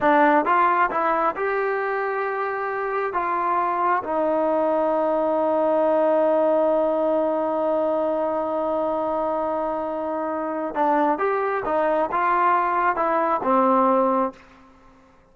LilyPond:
\new Staff \with { instrumentName = "trombone" } { \time 4/4 \tempo 4 = 134 d'4 f'4 e'4 g'4~ | g'2. f'4~ | f'4 dis'2.~ | dis'1~ |
dis'1~ | dis'1 | d'4 g'4 dis'4 f'4~ | f'4 e'4 c'2 | }